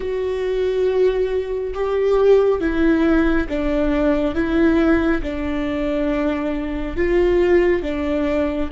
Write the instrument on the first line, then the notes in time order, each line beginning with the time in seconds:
viola
0.00 F#4
1.74 G4
2.60 E4
3.49 D4
4.34 E4
5.22 D4
6.96 F4
7.82 D4